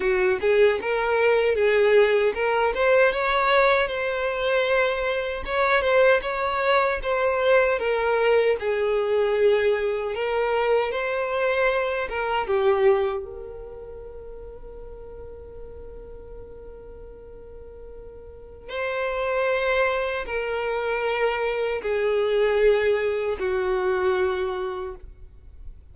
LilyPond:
\new Staff \with { instrumentName = "violin" } { \time 4/4 \tempo 4 = 77 fis'8 gis'8 ais'4 gis'4 ais'8 c''8 | cis''4 c''2 cis''8 c''8 | cis''4 c''4 ais'4 gis'4~ | gis'4 ais'4 c''4. ais'8 |
g'4 ais'2.~ | ais'1 | c''2 ais'2 | gis'2 fis'2 | }